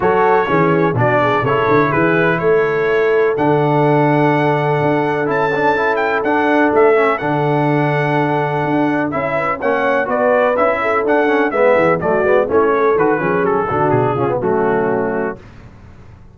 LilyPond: <<
  \new Staff \with { instrumentName = "trumpet" } { \time 4/4 \tempo 4 = 125 cis''2 d''4 cis''4 | b'4 cis''2 fis''4~ | fis''2. a''4~ | a''8 g''8 fis''4 e''4 fis''4~ |
fis''2. e''4 | fis''4 d''4 e''4 fis''4 | e''4 d''4 cis''4 b'4 | a'4 gis'4 fis'2 | }
  \new Staff \with { instrumentName = "horn" } { \time 4/4 a'4 gis'4 fis'8 gis'8 a'4 | gis'4 a'2.~ | a'1~ | a'1~ |
a'2.~ a'8 b'8 | cis''4 b'4. a'4. | b'8 gis'8 fis'4 e'8 a'4 gis'8~ | gis'8 fis'4 f'8 cis'2 | }
  \new Staff \with { instrumentName = "trombone" } { \time 4/4 fis'4 cis'4 d'4 e'4~ | e'2. d'4~ | d'2. e'8 d'8 | e'4 d'4. cis'8 d'4~ |
d'2. e'4 | cis'4 fis'4 e'4 d'8 cis'8 | b4 a8 b8 cis'4 fis'8 cis'8~ | cis'8 d'4 cis'16 b16 a2 | }
  \new Staff \with { instrumentName = "tuba" } { \time 4/4 fis4 e4 b,4 cis8 d8 | e4 a2 d4~ | d2 d'4 cis'4~ | cis'4 d'4 a4 d4~ |
d2 d'4 cis'4 | ais4 b4 cis'4 d'4 | gis8 e8 fis8 gis8 a4 dis8 f8 | fis8 d8 b,8 cis8 fis2 | }
>>